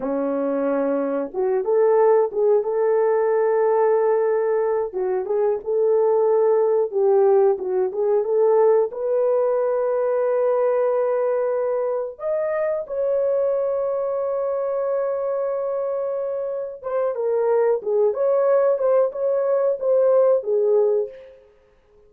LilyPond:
\new Staff \with { instrumentName = "horn" } { \time 4/4 \tempo 4 = 91 cis'2 fis'8 a'4 gis'8 | a'2.~ a'8 fis'8 | gis'8 a'2 g'4 fis'8 | gis'8 a'4 b'2~ b'8~ |
b'2~ b'8 dis''4 cis''8~ | cis''1~ | cis''4. c''8 ais'4 gis'8 cis''8~ | cis''8 c''8 cis''4 c''4 gis'4 | }